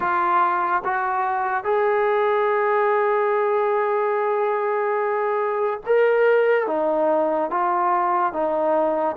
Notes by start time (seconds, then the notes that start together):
0.00 F4
0.84 F#4
1.64 G#4
5.86 A#4
6.67 D#4
7.50 F4
8.32 D#4